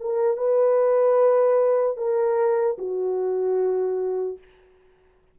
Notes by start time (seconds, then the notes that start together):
0.00 A#4
0.37 B4
1.97 A#4
2.78 F#4